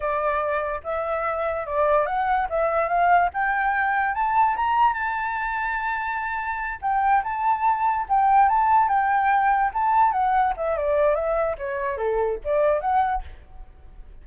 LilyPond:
\new Staff \with { instrumentName = "flute" } { \time 4/4 \tempo 4 = 145 d''2 e''2 | d''4 fis''4 e''4 f''4 | g''2 a''4 ais''4 | a''1~ |
a''8 g''4 a''2 g''8~ | g''8 a''4 g''2 a''8~ | a''8 fis''4 e''8 d''4 e''4 | cis''4 a'4 d''4 fis''4 | }